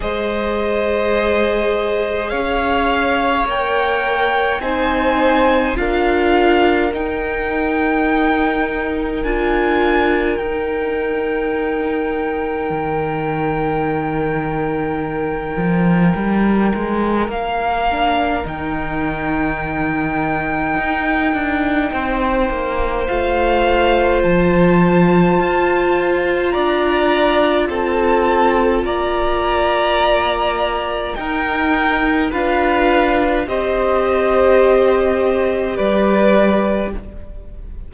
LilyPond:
<<
  \new Staff \with { instrumentName = "violin" } { \time 4/4 \tempo 4 = 52 dis''2 f''4 g''4 | gis''4 f''4 g''2 | gis''4 g''2.~ | g''2. f''4 |
g''1 | f''4 a''2 ais''4 | a''4 ais''2 g''4 | f''4 dis''2 d''4 | }
  \new Staff \with { instrumentName = "violin" } { \time 4/4 c''2 cis''2 | c''4 ais'2.~ | ais'1~ | ais'1~ |
ais'2. c''4~ | c''2. d''4 | a'4 d''2 ais'4 | b'4 c''2 b'4 | }
  \new Staff \with { instrumentName = "viola" } { \time 4/4 gis'2. ais'4 | dis'4 f'4 dis'2 | f'4 dis'2.~ | dis'2.~ dis'8 d'8 |
dis'1 | f'1~ | f'2. dis'4 | f'4 g'2. | }
  \new Staff \with { instrumentName = "cello" } { \time 4/4 gis2 cis'4 ais4 | c'4 d'4 dis'2 | d'4 dis'2 dis4~ | dis4. f8 g8 gis8 ais4 |
dis2 dis'8 d'8 c'8 ais8 | a4 f4 f'4 d'4 | c'4 ais2 dis'4 | d'4 c'2 g4 | }
>>